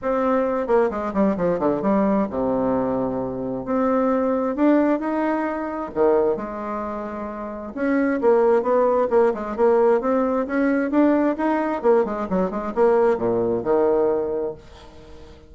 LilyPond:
\new Staff \with { instrumentName = "bassoon" } { \time 4/4 \tempo 4 = 132 c'4. ais8 gis8 g8 f8 d8 | g4 c2. | c'2 d'4 dis'4~ | dis'4 dis4 gis2~ |
gis4 cis'4 ais4 b4 | ais8 gis8 ais4 c'4 cis'4 | d'4 dis'4 ais8 gis8 fis8 gis8 | ais4 ais,4 dis2 | }